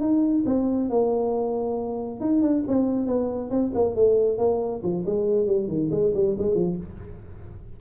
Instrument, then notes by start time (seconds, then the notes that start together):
tuba
0.00 D#4
0.46 C4
0.89 A#3
2.20 D#4
2.42 D4
2.67 C4
3.06 B3
3.50 C4
3.74 A#3
3.95 A3
4.38 A#3
4.83 F3
5.06 G#3
5.46 G3
5.68 D#3
5.91 G#3
6.14 G3
6.38 G#3
6.55 F3